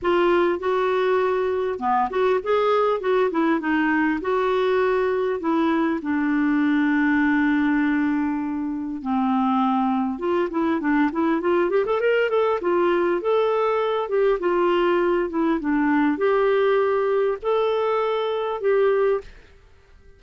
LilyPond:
\new Staff \with { instrumentName = "clarinet" } { \time 4/4 \tempo 4 = 100 f'4 fis'2 b8 fis'8 | gis'4 fis'8 e'8 dis'4 fis'4~ | fis'4 e'4 d'2~ | d'2. c'4~ |
c'4 f'8 e'8 d'8 e'8 f'8 g'16 a'16 | ais'8 a'8 f'4 a'4. g'8 | f'4. e'8 d'4 g'4~ | g'4 a'2 g'4 | }